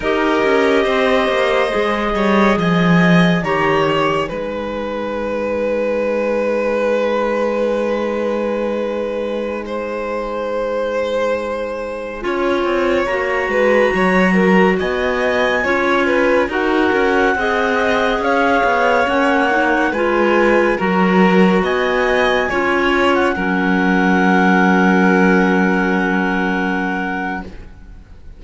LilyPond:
<<
  \new Staff \with { instrumentName = "clarinet" } { \time 4/4 \tempo 4 = 70 dis''2. gis''4 | ais''8 gis''2.~ gis''8~ | gis''1~ | gis''2.~ gis''16 ais''8.~ |
ais''4~ ais''16 gis''2 fis''8.~ | fis''4~ fis''16 f''4 fis''4 gis''8.~ | gis''16 ais''4 gis''4.~ gis''16 fis''4~ | fis''1 | }
  \new Staff \with { instrumentName = "violin" } { \time 4/4 ais'4 c''4. cis''8 dis''4 | cis''4 b'2.~ | b'2.~ b'16 c''8.~ | c''2~ c''16 cis''4. b'16~ |
b'16 cis''8 ais'8 dis''4 cis''8 b'8 ais'8.~ | ais'16 dis''4 cis''2 b'8.~ | b'16 ais'4 dis''4 cis''4 ais'8.~ | ais'1 | }
  \new Staff \with { instrumentName = "clarinet" } { \time 4/4 g'2 gis'2 | g'4 dis'2.~ | dis'1~ | dis'2~ dis'16 f'4 fis'8.~ |
fis'2~ fis'16 f'4 fis'8.~ | fis'16 gis'2 cis'8 dis'8 f'8.~ | f'16 fis'2 f'4 cis'8.~ | cis'1 | }
  \new Staff \with { instrumentName = "cello" } { \time 4/4 dis'8 cis'8 c'8 ais8 gis8 g8 f4 | dis4 gis2.~ | gis1~ | gis2~ gis16 cis'8 c'8 ais8 gis16~ |
gis16 fis4 b4 cis'4 dis'8 cis'16~ | cis'16 c'4 cis'8 b8 ais4 gis8.~ | gis16 fis4 b4 cis'4 fis8.~ | fis1 | }
>>